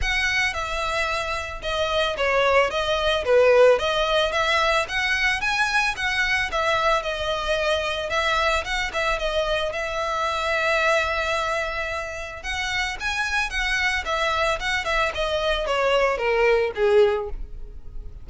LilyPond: \new Staff \with { instrumentName = "violin" } { \time 4/4 \tempo 4 = 111 fis''4 e''2 dis''4 | cis''4 dis''4 b'4 dis''4 | e''4 fis''4 gis''4 fis''4 | e''4 dis''2 e''4 |
fis''8 e''8 dis''4 e''2~ | e''2. fis''4 | gis''4 fis''4 e''4 fis''8 e''8 | dis''4 cis''4 ais'4 gis'4 | }